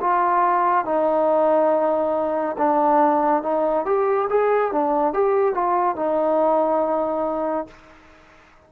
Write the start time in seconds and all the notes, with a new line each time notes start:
0.00 F4
0.85 D#4
2.58 D4
3.42 D#4
3.85 G4
4.29 G#4
4.71 D4
5.13 G4
5.54 F4
5.96 D#4